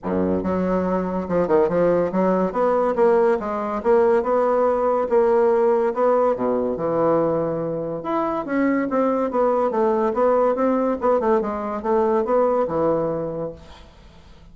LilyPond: \new Staff \with { instrumentName = "bassoon" } { \time 4/4 \tempo 4 = 142 fis,4 fis2 f8 dis8 | f4 fis4 b4 ais4 | gis4 ais4 b2 | ais2 b4 b,4 |
e2. e'4 | cis'4 c'4 b4 a4 | b4 c'4 b8 a8 gis4 | a4 b4 e2 | }